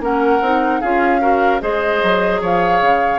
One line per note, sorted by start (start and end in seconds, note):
0.00 0.40 A#3
0.00 0.41 C#4
0.00 0.80 A#4
0.00 0.81 F#5
0.40 0.80 C4
0.40 0.82 D#4
0.80 1.62 C#4
0.80 1.20 F4
0.80 1.20 G#4
0.80 1.61 F5
1.20 1.60 F#4
1.20 1.61 A#4
1.61 2.02 G#3
1.61 3.19 G#4
1.61 2.41 C5
1.61 2.41 D#5
2.03 2.41 F#3
2.41 2.81 F3
2.41 3.19 C#5
2.41 3.19 F5
2.81 3.19 C#3